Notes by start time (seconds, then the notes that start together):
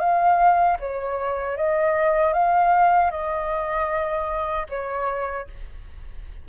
0.00 F5
0.80 C#5
1.57 D#5
2.33 F5
3.11 D#5
4.70 C#5